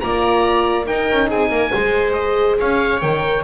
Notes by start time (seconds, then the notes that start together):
0.00 A#3 F4 D5 A#5
0.85 D#4 A#4 G5
1.11 C#4
1.28 C4 G#4 G#5
1.50 A#3 A#4
1.72 G#3 G#4 C5
2.13 D#5
2.59 C#4 C#5 F5
3.01 D#3 A#4 G5